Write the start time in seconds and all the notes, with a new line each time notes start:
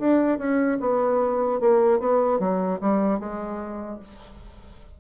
0.00 D4
0.39 C#4
0.81 B3
1.61 A#3
2.00 B3
2.40 F#3
2.81 G3
3.20 G#3